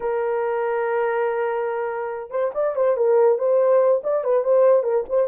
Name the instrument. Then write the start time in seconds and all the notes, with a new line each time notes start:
horn
0.00 A#4
2.30 C5
2.54 D5
2.75 C5
2.97 A#4
3.38 C5
4.03 D5
4.23 B4
4.43 C5
4.83 A#4
5.09 C5